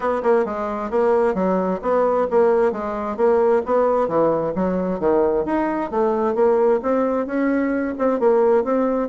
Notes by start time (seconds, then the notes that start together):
0.00 B3
0.22 A#3
0.45 G#3
0.90 A#3
1.34 F#3
1.81 B3
2.30 A#3
2.71 G#3
3.16 A#3
3.65 B3
4.07 E3
4.55 F#3
4.99 D#3
5.45 D#4
5.90 A3
6.35 A#3
6.82 C4
7.26 C#4
7.98 C4
8.19 A#3
8.64 C4